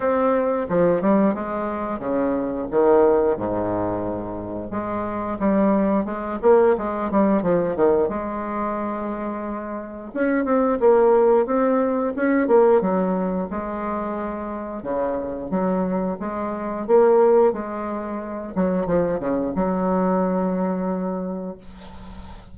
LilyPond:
\new Staff \with { instrumentName = "bassoon" } { \time 4/4 \tempo 4 = 89 c'4 f8 g8 gis4 cis4 | dis4 gis,2 gis4 | g4 gis8 ais8 gis8 g8 f8 dis8 | gis2. cis'8 c'8 |
ais4 c'4 cis'8 ais8 fis4 | gis2 cis4 fis4 | gis4 ais4 gis4. fis8 | f8 cis8 fis2. | }